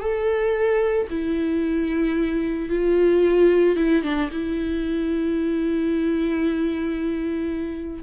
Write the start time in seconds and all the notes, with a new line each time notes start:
0.00 A4
1.10 E4
2.69 F4
3.76 E4
4.03 D4
4.31 E4